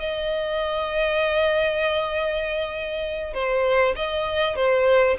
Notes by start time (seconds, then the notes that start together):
0.00 D#5
3.34 C5
3.96 D#5
4.56 C5